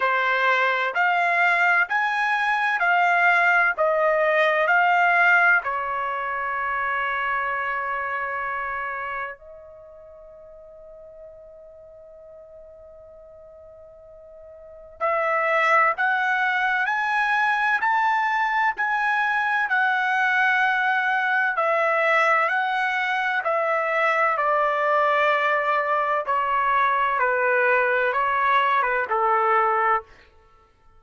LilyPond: \new Staff \with { instrumentName = "trumpet" } { \time 4/4 \tempo 4 = 64 c''4 f''4 gis''4 f''4 | dis''4 f''4 cis''2~ | cis''2 dis''2~ | dis''1 |
e''4 fis''4 gis''4 a''4 | gis''4 fis''2 e''4 | fis''4 e''4 d''2 | cis''4 b'4 cis''8. b'16 a'4 | }